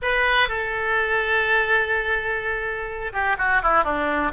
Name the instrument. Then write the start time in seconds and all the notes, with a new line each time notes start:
oboe
0.02 B4
0.48 A4
3.12 G4
3.38 F#4
3.62 E4
3.84 D4